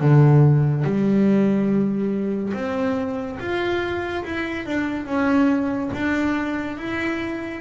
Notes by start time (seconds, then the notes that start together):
0.00 D3
0.84 G3
2.54 C4
3.39 F4
4.24 E4
4.66 D4
5.06 C#4
5.93 D4
6.77 E4